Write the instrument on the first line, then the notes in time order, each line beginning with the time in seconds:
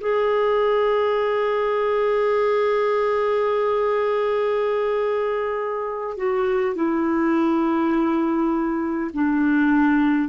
clarinet
0.00 G#4
6.17 F#4
6.75 E4
9.14 D4